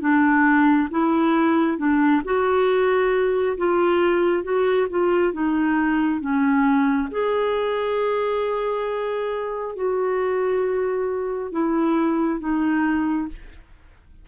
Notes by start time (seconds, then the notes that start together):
0.00 D4
0.91 E4
1.78 D4
2.25 F#4
3.57 F4
4.43 F#4
4.89 F4
5.33 D#4
6.20 C#4
7.11 G#4
9.75 F#4
11.51 E4
12.39 D#4